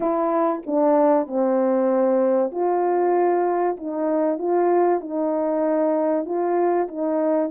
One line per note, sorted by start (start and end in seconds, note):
0.00 0.62 E4
0.66 1.27 D4
1.27 2.51 C4
2.51 3.76 F4
3.76 4.38 D#4
4.38 5.00 F4
5.00 6.25 D#4
6.25 6.88 F4
6.88 7.50 D#4